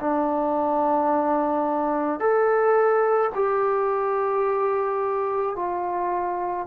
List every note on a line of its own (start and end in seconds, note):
0.00 2.19 D4
2.19 3.30 A4
3.35 5.55 G4
5.55 6.66 F4